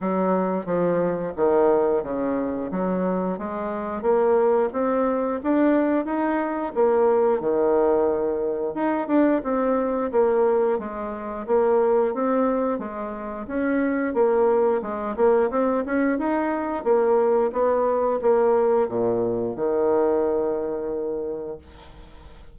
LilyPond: \new Staff \with { instrumentName = "bassoon" } { \time 4/4 \tempo 4 = 89 fis4 f4 dis4 cis4 | fis4 gis4 ais4 c'4 | d'4 dis'4 ais4 dis4~ | dis4 dis'8 d'8 c'4 ais4 |
gis4 ais4 c'4 gis4 | cis'4 ais4 gis8 ais8 c'8 cis'8 | dis'4 ais4 b4 ais4 | ais,4 dis2. | }